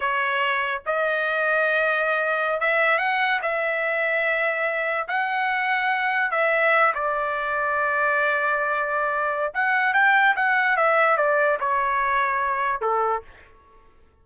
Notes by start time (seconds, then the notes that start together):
0.00 C#5
0.86 D#5
2.60 E5
2.98 F#5
3.42 E5
5.08 F#5
6.31 E5
6.94 D5
9.53 F#5
9.93 G5
10.36 F#5
10.76 E5
11.17 D5
11.60 C#5
12.81 A4